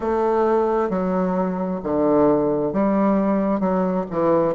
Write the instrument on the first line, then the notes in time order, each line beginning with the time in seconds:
bassoon
0.00 A3
0.89 F#3
1.83 D3
2.73 G3
3.60 F#3
4.10 E3